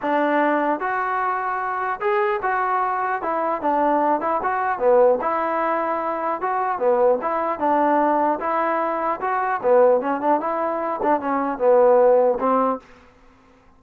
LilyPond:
\new Staff \with { instrumentName = "trombone" } { \time 4/4 \tempo 4 = 150 d'2 fis'2~ | fis'4 gis'4 fis'2 | e'4 d'4. e'8 fis'4 | b4 e'2. |
fis'4 b4 e'4 d'4~ | d'4 e'2 fis'4 | b4 cis'8 d'8 e'4. d'8 | cis'4 b2 c'4 | }